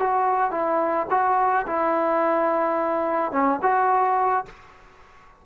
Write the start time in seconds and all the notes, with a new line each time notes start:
0.00 F#4
0.52 E4
1.11 F#4
1.67 E4
3.32 C#4
3.63 F#4